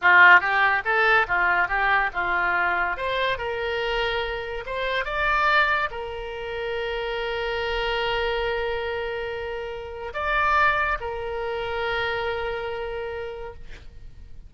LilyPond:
\new Staff \with { instrumentName = "oboe" } { \time 4/4 \tempo 4 = 142 f'4 g'4 a'4 f'4 | g'4 f'2 c''4 | ais'2. c''4 | d''2 ais'2~ |
ais'1~ | ais'1 | d''2 ais'2~ | ais'1 | }